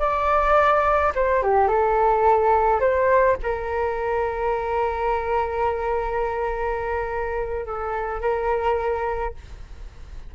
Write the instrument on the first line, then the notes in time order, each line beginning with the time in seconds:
flute
0.00 D5
1.16 C5
1.43 G4
1.69 A4
2.81 C5
3.43 A#4
7.66 A4
8.22 A#4